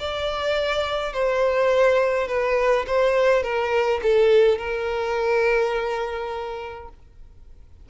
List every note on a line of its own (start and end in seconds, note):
0.00 1.13 D5
1.13 2.28 C5
2.28 2.86 B4
2.88 3.43 C5
3.43 4.01 A#4
4.03 4.59 A4
4.59 6.89 A#4